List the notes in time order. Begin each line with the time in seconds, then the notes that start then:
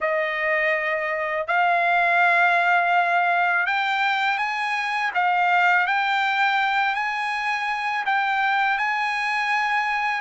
0.00 D#5
1.47 F5
3.66 G5
4.37 G#5
5.14 F5
5.86 G5
6.94 G#5
8.05 G5
8.78 G#5